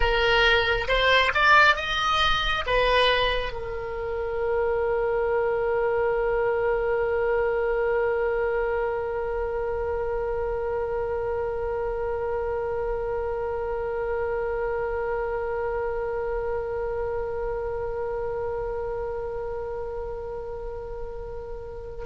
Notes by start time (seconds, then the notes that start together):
0.00 A#4
0.87 C5
1.34 D5
1.76 D#5
2.66 B4
3.52 A#4